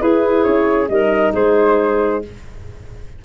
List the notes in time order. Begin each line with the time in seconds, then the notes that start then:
0.00 E4 G#4 B4
0.43 C#4 C#5
0.89 G3 D#4 A#4 D#5
1.33 G#3 G#4 C5